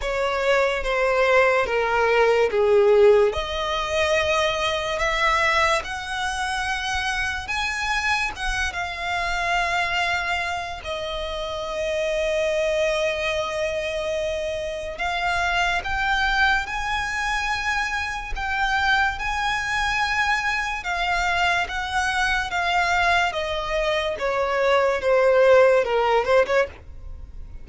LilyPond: \new Staff \with { instrumentName = "violin" } { \time 4/4 \tempo 4 = 72 cis''4 c''4 ais'4 gis'4 | dis''2 e''4 fis''4~ | fis''4 gis''4 fis''8 f''4.~ | f''4 dis''2.~ |
dis''2 f''4 g''4 | gis''2 g''4 gis''4~ | gis''4 f''4 fis''4 f''4 | dis''4 cis''4 c''4 ais'8 c''16 cis''16 | }